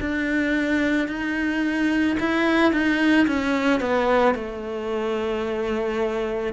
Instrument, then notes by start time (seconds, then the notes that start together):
cello
0.00 D4
1.08 D#4
2.19 E4
2.72 D#4
3.27 C#4
3.80 B3
4.35 A3